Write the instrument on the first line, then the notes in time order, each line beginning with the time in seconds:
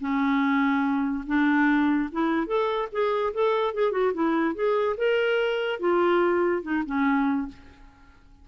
clarinet
0.00 C#4
1.26 D4
2.11 E4
2.47 A4
2.92 G#4
3.33 A4
3.74 G#4
3.91 F#4
4.13 E4
4.54 G#4
4.97 A#4
5.79 F4
6.62 D#4
6.86 C#4